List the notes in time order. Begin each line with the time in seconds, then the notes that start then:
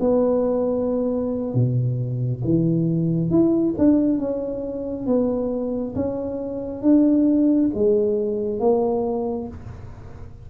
0.00 B3
1.54 B2
2.44 E3
3.30 E4
3.78 D4
4.18 C#4
5.06 B3
5.95 C#4
6.82 D4
7.74 G#3
8.59 A#3